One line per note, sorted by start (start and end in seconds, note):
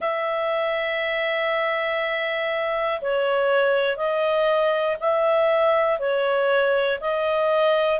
0.00 3.00 E5
3.01 3.96 C#5
3.96 4.96 D#5
5.00 5.99 E5
5.99 6.99 C#5
7.00 8.00 D#5